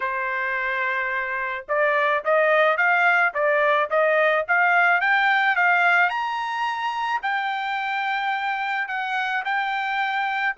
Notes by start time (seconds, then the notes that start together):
0.00 C5
1.68 D5
2.24 D#5
2.77 F5
3.34 D5
3.89 D#5
4.47 F5
5.01 G5
5.56 F5
6.09 A#5
7.22 G5
8.87 F#5
9.44 G5